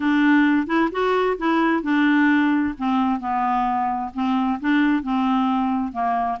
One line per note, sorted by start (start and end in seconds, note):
0.00 0.66 D4
0.66 0.89 E4
0.91 1.37 F#4
1.38 1.82 E4
1.82 2.74 D4
2.78 3.20 C4
3.20 4.11 B3
4.13 4.59 C4
4.60 5.03 D4
5.03 5.92 C4
5.92 6.38 A#3